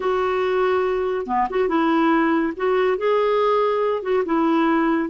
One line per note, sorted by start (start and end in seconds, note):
0.00 1.26 F#4
1.26 1.47 B3
1.50 1.68 F#4
1.68 2.53 E4
2.56 2.97 F#4
2.97 4.02 G#4
4.02 4.23 F#4
4.25 5.09 E4